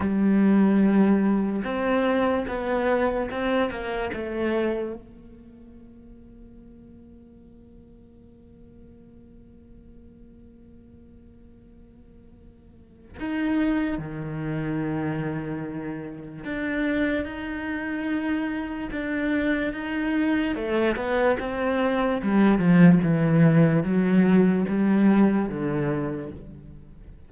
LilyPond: \new Staff \with { instrumentName = "cello" } { \time 4/4 \tempo 4 = 73 g2 c'4 b4 | c'8 ais8 a4 ais2~ | ais1~ | ais1 |
dis'4 dis2. | d'4 dis'2 d'4 | dis'4 a8 b8 c'4 g8 f8 | e4 fis4 g4 d4 | }